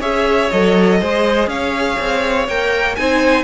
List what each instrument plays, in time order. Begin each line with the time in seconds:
0.00 cello C#4, viola G#4, violin C#5 E5
0.51 cello F#3, viola A4, violin D#5
1.00 cello G#3, viola G#4, violin C5
1.47 cello C#4, violin C#5 F5
2.00 cello C4
2.48 cello A#3, viola A#4, violin G5
2.96 cello C4, viola D#4, violin C5 G#5